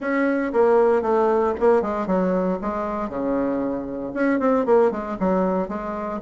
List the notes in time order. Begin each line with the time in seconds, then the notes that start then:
0.00 C#4
0.52 A#3
1.02 A3
1.60 A#3
1.82 G#3
2.06 F#3
2.61 G#3
3.09 C#3
4.14 C#4
4.39 C4
4.65 A#3
4.91 G#3
5.19 F#3
5.68 G#3